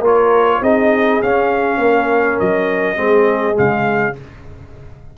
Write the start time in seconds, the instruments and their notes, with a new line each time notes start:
0.00 tuba A#3, trombone F4, horn A#4, trumpet C#5
0.62 tuba C4, trombone D#4, horn G#4, trumpet D#5
1.22 tuba C#4, trombone C#4, trumpet F5
1.77 tuba A#3, horn A#4
2.39 tuba F#3, trumpet D#5
2.96 tuba G#3, trombone C4, horn G#4
3.54 tuba C#3, trombone G#3, trumpet F5